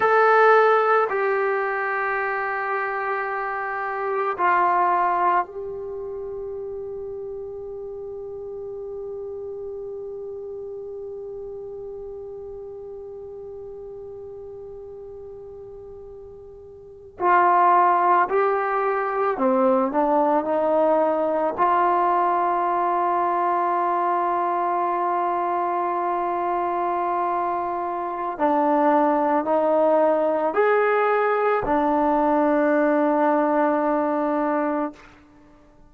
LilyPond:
\new Staff \with { instrumentName = "trombone" } { \time 4/4 \tempo 4 = 55 a'4 g'2. | f'4 g'2.~ | g'1~ | g'2.~ g'8. f'16~ |
f'8. g'4 c'8 d'8 dis'4 f'16~ | f'1~ | f'2 d'4 dis'4 | gis'4 d'2. | }